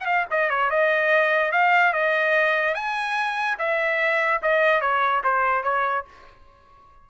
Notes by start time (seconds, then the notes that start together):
0.00 F5 F#5
0.30 D#5
0.50 C#5
0.70 D#5
1.52 F5
1.93 D#5
2.75 G#5
3.58 E5
4.42 D#5
4.81 C#5
5.24 C5
5.64 C#5